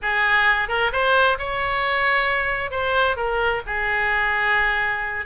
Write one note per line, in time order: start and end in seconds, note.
0.02 0.68 G#4
0.68 0.91 A#4
0.92 1.37 C5
1.38 2.70 C#5
2.70 3.16 C5
3.16 3.61 A#4
3.66 5.25 G#4